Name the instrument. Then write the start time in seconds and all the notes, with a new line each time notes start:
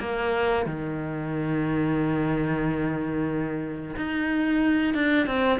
cello
0.00 A#3
0.66 D#3
3.96 D#4
4.94 D4
5.27 C4